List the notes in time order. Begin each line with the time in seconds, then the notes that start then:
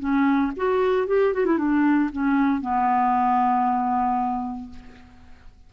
0.00 C#4
0.56 F#4
1.08 G4
1.34 F#4
1.46 E4
1.58 D4
2.12 C#4
2.62 B3